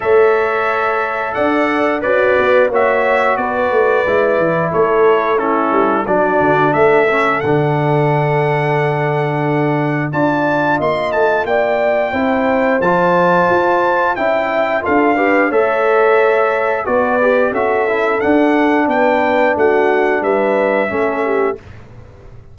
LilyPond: <<
  \new Staff \with { instrumentName = "trumpet" } { \time 4/4 \tempo 4 = 89 e''2 fis''4 d''4 | e''4 d''2 cis''4 | a'4 d''4 e''4 fis''4~ | fis''2. a''4 |
c'''8 a''8 g''2 a''4~ | a''4 g''4 f''4 e''4~ | e''4 d''4 e''4 fis''4 | g''4 fis''4 e''2 | }
  \new Staff \with { instrumentName = "horn" } { \time 4/4 cis''2 d''4 fis'4 | cis''4 b'2 a'4 | e'4 fis'4 a'2~ | a'2. d''4 |
dis''4 d''4 c''2~ | c''4 e''4 a'8 b'8 cis''4~ | cis''4 b'4 a'2 | b'4 fis'4 b'4 a'8 g'8 | }
  \new Staff \with { instrumentName = "trombone" } { \time 4/4 a'2. b'4 | fis'2 e'2 | cis'4 d'4. cis'8 d'4~ | d'2. f'4~ |
f'2 e'4 f'4~ | f'4 e'4 f'8 g'8 a'4~ | a'4 fis'8 g'8 fis'8 e'8 d'4~ | d'2. cis'4 | }
  \new Staff \with { instrumentName = "tuba" } { \time 4/4 a2 d'4 cis'8 b8 | ais4 b8 a8 gis8 e8 a4~ | a8 g8 fis8 d8 a4 d4~ | d2. d'4 |
ais8 a8 ais4 c'4 f4 | f'4 cis'4 d'4 a4~ | a4 b4 cis'4 d'4 | b4 a4 g4 a4 | }
>>